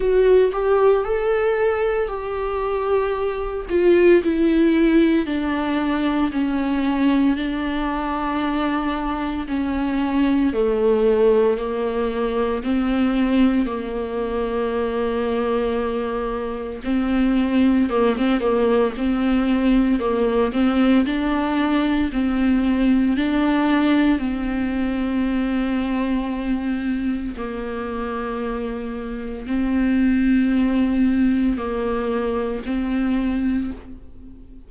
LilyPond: \new Staff \with { instrumentName = "viola" } { \time 4/4 \tempo 4 = 57 fis'8 g'8 a'4 g'4. f'8 | e'4 d'4 cis'4 d'4~ | d'4 cis'4 a4 ais4 | c'4 ais2. |
c'4 ais16 c'16 ais8 c'4 ais8 c'8 | d'4 c'4 d'4 c'4~ | c'2 ais2 | c'2 ais4 c'4 | }